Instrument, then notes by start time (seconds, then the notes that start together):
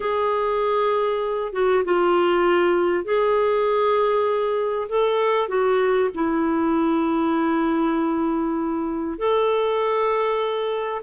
clarinet
0.00 G#4
1.53 F#4
1.84 F4
3.04 G#4
4.88 A4
5.48 F#4
6.14 E4
9.18 A4